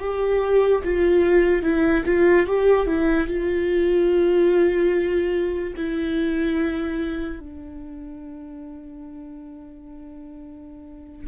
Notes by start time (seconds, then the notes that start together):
0.00 G4
0.84 F4
1.63 E4
2.05 F4
2.47 G4
2.87 E4
3.27 F4
5.76 E4
7.40 D4